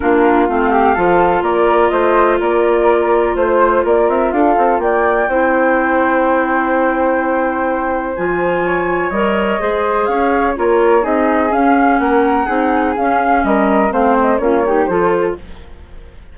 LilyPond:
<<
  \new Staff \with { instrumentName = "flute" } { \time 4/4 \tempo 4 = 125 ais'4 f''2 d''4 | dis''4 d''2 c''4 | d''8 e''8 f''4 g''2~ | g''1~ |
g''4 gis''2 dis''4~ | dis''4 f''4 cis''4 dis''4 | f''4 fis''2 f''4 | dis''4 f''8 dis''8 cis''4 c''4 | }
  \new Staff \with { instrumentName = "flute" } { \time 4/4 f'4. g'8 a'4 ais'4 | c''4 ais'2 c''4 | ais'4 a'4 d''4 c''4~ | c''1~ |
c''2 cis''2 | c''4 cis''4 ais'4 gis'4~ | gis'4 ais'4 gis'2 | ais'4 c''4 f'8 g'8 a'4 | }
  \new Staff \with { instrumentName = "clarinet" } { \time 4/4 d'4 c'4 f'2~ | f'1~ | f'2. e'4~ | e'1~ |
e'4 f'2 ais'4 | gis'2 f'4 dis'4 | cis'2 dis'4 cis'4~ | cis'4 c'4 cis'8 dis'8 f'4 | }
  \new Staff \with { instrumentName = "bassoon" } { \time 4/4 ais4 a4 f4 ais4 | a4 ais2 a4 | ais8 c'8 d'8 c'8 ais4 c'4~ | c'1~ |
c'4 f2 g4 | gis4 cis'4 ais4 c'4 | cis'4 ais4 c'4 cis'4 | g4 a4 ais4 f4 | }
>>